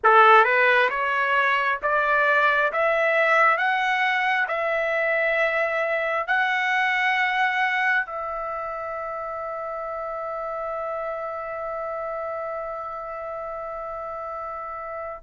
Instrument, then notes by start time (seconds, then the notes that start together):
trumpet
0.03 A4
0.44 B4
0.89 C#5
1.82 D5
2.72 E5
3.57 F#5
4.48 E5
6.27 F#5
8.06 E5